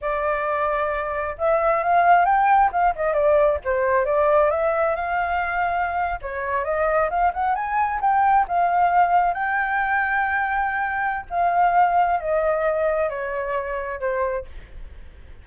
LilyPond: \new Staff \with { instrumentName = "flute" } { \time 4/4 \tempo 4 = 133 d''2. e''4 | f''4 g''4 f''8 dis''8 d''4 | c''4 d''4 e''4 f''4~ | f''4.~ f''16 cis''4 dis''4 f''16~ |
f''16 fis''8 gis''4 g''4 f''4~ f''16~ | f''8. g''2.~ g''16~ | g''4 f''2 dis''4~ | dis''4 cis''2 c''4 | }